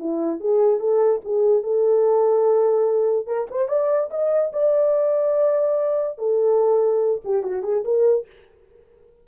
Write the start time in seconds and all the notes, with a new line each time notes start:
0.00 E4
0.41 G#4
0.80 A4
1.25 G#4
1.63 A4
3.27 A#4
3.51 C5
3.69 D5
4.11 D#5
4.53 D5
6.19 A4
7.25 G4
7.44 F#4
7.64 G#4
7.85 A#4